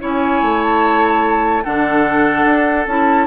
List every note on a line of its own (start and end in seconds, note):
0.00 0.42 C#4
0.00 1.63 E4
0.00 1.64 C#5
0.00 0.62 G#5
0.42 1.64 A3
0.62 1.63 A5
1.63 2.45 D3
1.63 2.86 D4
1.63 3.27 A4
1.63 2.86 F#5
2.45 2.86 D4
2.86 3.27 C#4
2.86 3.27 E4
2.86 3.27 A5